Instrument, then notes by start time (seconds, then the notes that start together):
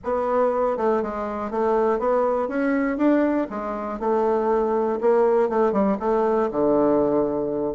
bassoon
0.04 B3
0.77 A3
1.02 G#3
1.50 A3
1.99 B3
2.48 C#4
2.97 D4
3.50 G#3
3.99 A3
5.00 A#3
5.49 A3
5.72 G3
5.99 A3
6.51 D3